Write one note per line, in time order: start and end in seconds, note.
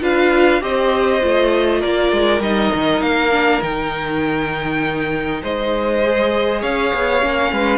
0.00 0.62 D4
0.00 0.60 F4
0.00 0.62 B4
0.00 0.62 F5
0.60 1.22 C4
0.60 1.20 G4
0.60 1.80 C5
0.60 1.81 D#5
1.20 1.83 A3
1.20 2.40 F4
1.80 2.12 A#3
1.80 5.40 A#4
1.80 2.41 D5
2.12 2.40 G#3
2.40 2.70 G3
2.40 3.30 D#4
2.40 3.01 D#5
2.74 3.01 D#3
3.01 3.61 A#3
3.01 3.61 F5
3.30 3.60 D4
3.62 5.42 D#3
3.62 6.03 D#4
3.62 5.42 G5
5.42 6.62 G#3
5.42 6.61 C5
5.42 6.62 D#5
6.03 7.21 G#4
6.61 6.92 C#4
6.61 7.51 C#5
6.61 7.78 F5
6.94 7.22 B3
7.21 7.52 A#3
7.21 7.78 C#4
7.52 7.78 G#3
7.52 7.78 B4